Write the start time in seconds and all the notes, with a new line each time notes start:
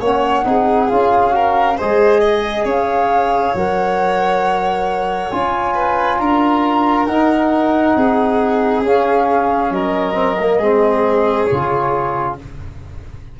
0.00 A#3 C#4 C#5 F#5
0.44 C4 D#4 G#4
0.89 C#4 F4 F5
1.31 F#4 A#4
1.77 G#3 G#4 C5 D#5
2.20 D#5
2.64 C#4 C#5 F5
3.54 F#3 A#4 F#5
5.31 C#4 F4 G#5
5.74 B4
6.19 D4 A#4 A#5
7.06 D#4 F#5
7.96 C4 G#4
8.82 C#4 F5
9.71 F#3 A#4 D#5
10.13 C4
10.39 A#3
10.58 G#3 C4 G#4
11.44 F4 C#5
11.51 C#3